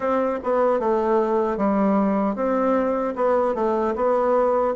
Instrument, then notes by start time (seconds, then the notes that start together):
bassoon
0.00 C4
0.43 B3
0.79 A3
1.57 G3
2.35 C4
3.15 B3
3.55 A3
3.95 B3